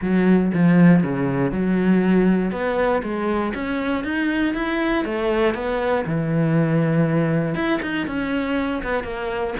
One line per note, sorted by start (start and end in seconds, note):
0.01 0.52 F#3
0.53 1.03 F3
1.03 1.51 C#3
1.51 2.51 F#3
2.51 3.02 B3
3.02 3.53 G#3
3.54 4.03 C#4
4.03 4.54 D#4
4.54 5.04 E4
5.04 5.54 A3
5.54 6.04 B3
6.05 7.54 E3
7.54 7.79 E4
7.82 8.06 D#4
8.06 8.82 C#4
8.83 9.03 B3
9.03 9.54 A#3